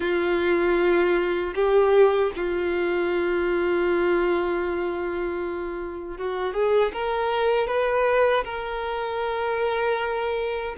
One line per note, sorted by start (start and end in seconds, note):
0.00 1.53 F4
1.54 2.31 G4
2.36 6.17 F4
6.17 6.53 F#4
6.53 6.92 G#4
6.93 7.67 A#4
7.67 8.44 B4
8.44 10.75 A#4